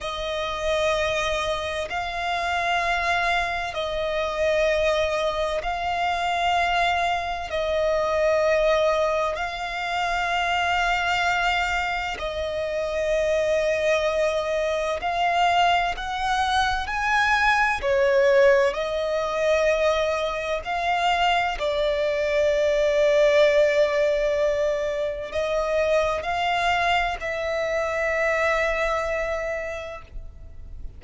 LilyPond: \new Staff \with { instrumentName = "violin" } { \time 4/4 \tempo 4 = 64 dis''2 f''2 | dis''2 f''2 | dis''2 f''2~ | f''4 dis''2. |
f''4 fis''4 gis''4 cis''4 | dis''2 f''4 d''4~ | d''2. dis''4 | f''4 e''2. | }